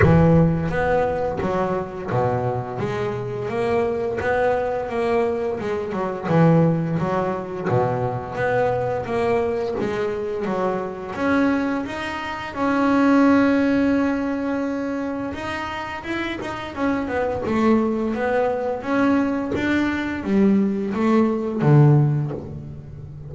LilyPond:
\new Staff \with { instrumentName = "double bass" } { \time 4/4 \tempo 4 = 86 e4 b4 fis4 b,4 | gis4 ais4 b4 ais4 | gis8 fis8 e4 fis4 b,4 | b4 ais4 gis4 fis4 |
cis'4 dis'4 cis'2~ | cis'2 dis'4 e'8 dis'8 | cis'8 b8 a4 b4 cis'4 | d'4 g4 a4 d4 | }